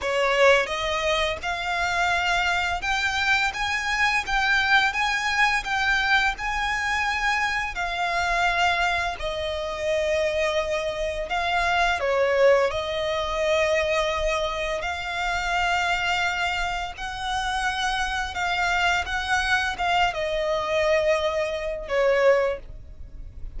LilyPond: \new Staff \with { instrumentName = "violin" } { \time 4/4 \tempo 4 = 85 cis''4 dis''4 f''2 | g''4 gis''4 g''4 gis''4 | g''4 gis''2 f''4~ | f''4 dis''2. |
f''4 cis''4 dis''2~ | dis''4 f''2. | fis''2 f''4 fis''4 | f''8 dis''2~ dis''8 cis''4 | }